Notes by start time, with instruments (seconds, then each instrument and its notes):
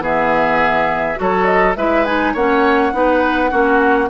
0.00 bassoon E3, clarinet B3, oboe G#4, flute E5
1.17 bassoon F#3, clarinet F#4, oboe A4, flute C#5
1.45 flute D#5
1.77 bassoon G#3, clarinet E4, oboe B4, flute E5
2.05 clarinet D#4, flute G#5
2.34 bassoon A#3, clarinet C#4, oboe C#5, flute F#5
2.93 bassoon B3, clarinet D#4, oboe B4
3.51 bassoon A#3, clarinet C#4, oboe F#4